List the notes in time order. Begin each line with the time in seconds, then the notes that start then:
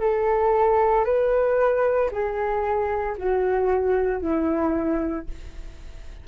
0.00 A4
1.05 B4
2.11 G#4
3.18 F#4
4.22 E4